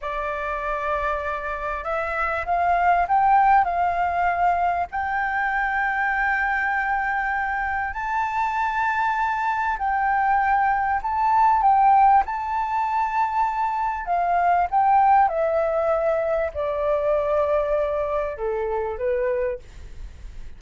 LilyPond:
\new Staff \with { instrumentName = "flute" } { \time 4/4 \tempo 4 = 98 d''2. e''4 | f''4 g''4 f''2 | g''1~ | g''4 a''2. |
g''2 a''4 g''4 | a''2. f''4 | g''4 e''2 d''4~ | d''2 a'4 b'4 | }